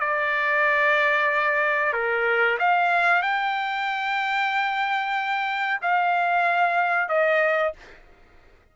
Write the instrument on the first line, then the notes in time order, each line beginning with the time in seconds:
trumpet
0.00 D5
1.94 A#4
2.59 F5
3.22 G5
5.82 F5
7.09 D#5